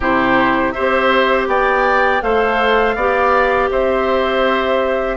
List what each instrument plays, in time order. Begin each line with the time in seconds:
0.00 bassoon C3, clarinet E4, oboe G4, flute C5
0.71 clarinet G4, oboe C5, flute E5
0.78 bassoon C4
1.47 bassoon B3, oboe D5, flute G5
2.21 bassoon A3, clarinet A4, oboe C5, flute F5
2.95 bassoon B3, clarinet G4, oboe D5
3.70 bassoon C4, oboe C5, flute E5